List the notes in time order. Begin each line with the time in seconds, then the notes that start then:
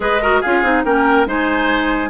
0.00 G#3 G#4 B4 D#5
0.21 F#4 A#4
0.40 C#4 F4 G#4 F5
0.62 C4 D#4
0.84 A#3 C#4 A#4 G5
1.25 G#3 D#4 C5 G#5